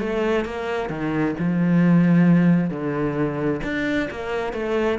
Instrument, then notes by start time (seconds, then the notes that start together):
cello
0.00 A3
0.45 A#3
0.90 D#3
1.39 F3
2.71 D3
3.64 D4
4.11 A#3
4.54 A3